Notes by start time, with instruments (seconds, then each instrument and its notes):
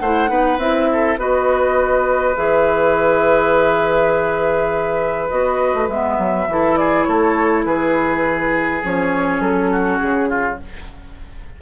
0.00 bassoon A3, clarinet E4, oboe C5, flute F#5
0.28 bassoon B3, clarinet D#4, oboe B4
0.59 bassoon C4, clarinet E4, flute E5
0.93 oboe A4
1.18 bassoon B3, clarinet F#4, oboe B4, flute D#5
2.36 bassoon E3, clarinet G#4, flute E5
5.29 bassoon B3, clarinet F#4, flute D#5
5.75 bassoon A3
5.89 bassoon G#3, clarinet B3, flute E5
6.19 bassoon F#3
6.48 bassoon E3, clarinet E4, oboe A4
6.77 oboe G#4, flute D5
7.05 bassoon A3, oboe A4, flute C#5
7.66 bassoon E3, oboe G#4, flute B4
8.84 bassoon F3, clarinet C#4, flute C#5
9.40 bassoon F#3, flute A4
9.71 oboe F#4
9.99 bassoon C#3, flute G#4
10.30 oboe F4